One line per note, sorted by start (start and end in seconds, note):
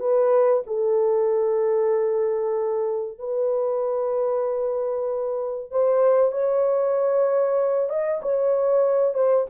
0.00 0.63 B4
0.67 3.19 A4
3.19 5.71 B4
5.71 6.32 C5
6.32 7.90 C#5
7.90 8.21 D#5
8.22 9.15 C#5
9.15 9.46 C5